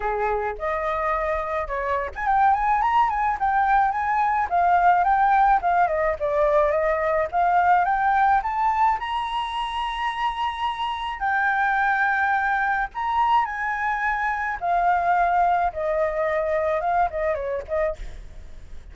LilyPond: \new Staff \with { instrumentName = "flute" } { \time 4/4 \tempo 4 = 107 gis'4 dis''2 cis''8. gis''16 | g''8 gis''8 ais''8 gis''8 g''4 gis''4 | f''4 g''4 f''8 dis''8 d''4 | dis''4 f''4 g''4 a''4 |
ais''1 | g''2. ais''4 | gis''2 f''2 | dis''2 f''8 dis''8 cis''8 dis''8 | }